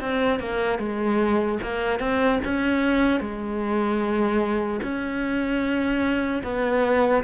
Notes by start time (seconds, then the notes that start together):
0.00 C4
0.39 A#3
0.79 G#3
1.63 A#3
1.99 C4
2.44 C#4
3.20 G#3
4.83 C#4
6.43 B3